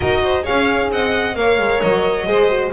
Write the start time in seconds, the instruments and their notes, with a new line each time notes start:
0.00 double bass D#4, horn F#4, violin A#4 D#5
0.23 violin C5
0.43 horn G#4, violin C#5 F5
0.49 double bass C#4
0.91 double bass C4, violin D#5 F#5
1.35 double bass A#3, horn A#4, violin C#5 F5
1.58 double bass G#3
1.80 double bass F#3, violin D#5
2.26 double bass G#3, horn G#4, violin C5
2.48 horn F#4